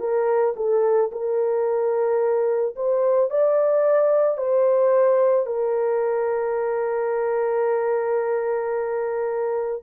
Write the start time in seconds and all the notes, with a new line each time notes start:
0.00 A#4
0.57 A4
1.12 A#4
2.76 C5
3.31 D5
4.38 C5
5.47 A#4